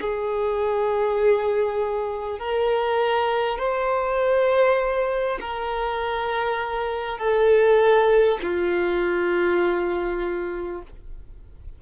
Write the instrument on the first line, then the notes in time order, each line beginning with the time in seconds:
violin
0.00 G#4
2.39 A#4
3.59 C5
5.41 A#4
7.18 A4
8.42 F4